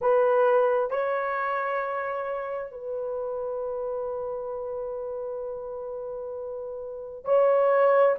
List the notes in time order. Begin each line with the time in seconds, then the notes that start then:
0.01 B4
0.90 C#5
2.71 B4
7.24 C#5